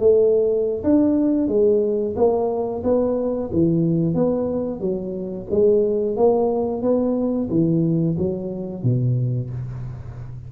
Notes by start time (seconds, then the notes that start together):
0.00 A3
0.84 D4
1.48 G#3
2.16 A#3
2.84 B3
3.53 E3
4.15 B3
4.81 F#3
5.51 G#3
6.17 A#3
6.82 B3
7.50 E3
8.18 F#3
8.83 B2